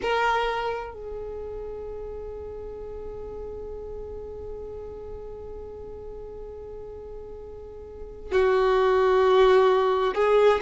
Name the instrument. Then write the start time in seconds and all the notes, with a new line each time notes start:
violin
0.02 A#4
0.93 G#4
8.31 F#4
10.14 G#4